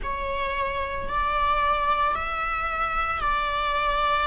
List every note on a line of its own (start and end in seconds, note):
0.03 1.09 C#5
1.09 2.15 D5
2.15 3.20 E5
3.20 4.27 D5